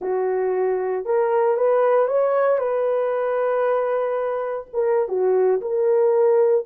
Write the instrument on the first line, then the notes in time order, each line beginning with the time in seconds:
horn
0.01 F#4
1.05 A#4
1.57 B4
2.07 C#5
2.58 B4
4.73 A#4
5.08 F#4
5.61 A#4